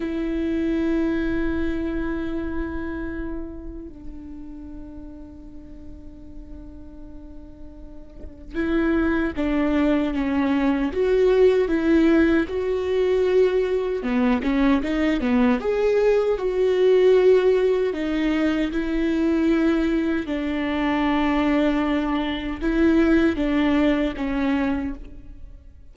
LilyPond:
\new Staff \with { instrumentName = "viola" } { \time 4/4 \tempo 4 = 77 e'1~ | e'4 d'2.~ | d'2. e'4 | d'4 cis'4 fis'4 e'4 |
fis'2 b8 cis'8 dis'8 b8 | gis'4 fis'2 dis'4 | e'2 d'2~ | d'4 e'4 d'4 cis'4 | }